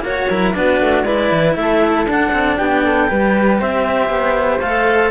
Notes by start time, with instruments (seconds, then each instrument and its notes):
0.00 cello A#3 F#4, flute F#4, clarinet C#5
0.28 cello F#3 E4, flute A#4
0.54 cello B3 D4, flute F#4, clarinet B4
0.80 cello A3
1.04 cello G#3 E4, flute B4, clarinet D5
1.31 cello E3
1.55 cello A3, flute A4, clarinet E5
2.06 cello D4, clarinet F#5
2.32 cello C4
2.56 cello B3, flute G4, clarinet G5
2.84 flute A4
3.07 cello G3 G4, flute B4
3.60 cello C4, flute C5, clarinet E5
4.09 cello B3
4.60 cello A3 A4, clarinet F5